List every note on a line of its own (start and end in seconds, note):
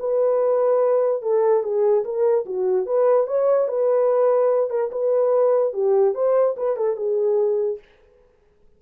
0.00 1.23 B4
1.23 1.63 A4
1.63 2.05 G#4
2.05 2.46 A#4
2.46 2.86 F#4
2.86 3.27 B4
3.27 3.68 C#5
3.68 4.70 B4
4.70 4.91 A#4
4.92 5.74 B4
5.74 6.15 G4
6.15 6.56 C5
6.57 6.77 B4
6.77 6.97 A4
6.97 7.79 G#4